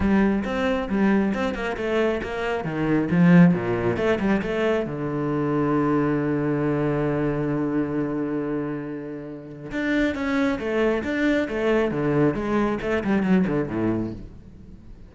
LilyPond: \new Staff \with { instrumentName = "cello" } { \time 4/4 \tempo 4 = 136 g4 c'4 g4 c'8 ais8 | a4 ais4 dis4 f4 | ais,4 a8 g8 a4 d4~ | d1~ |
d1~ | d2 d'4 cis'4 | a4 d'4 a4 d4 | gis4 a8 g8 fis8 d8 a,4 | }